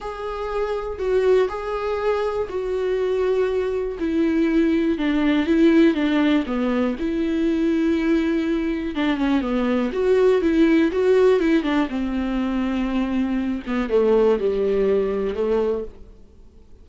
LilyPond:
\new Staff \with { instrumentName = "viola" } { \time 4/4 \tempo 4 = 121 gis'2 fis'4 gis'4~ | gis'4 fis'2. | e'2 d'4 e'4 | d'4 b4 e'2~ |
e'2 d'8 cis'8 b4 | fis'4 e'4 fis'4 e'8 d'8 | c'2.~ c'8 b8 | a4 g2 a4 | }